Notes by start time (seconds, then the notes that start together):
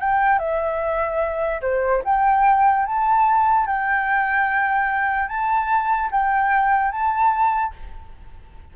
0.00 G5
0.39 E5
1.61 C5
2.05 G5
2.86 A5
3.67 G5
5.29 A5
6.11 G5
6.92 A5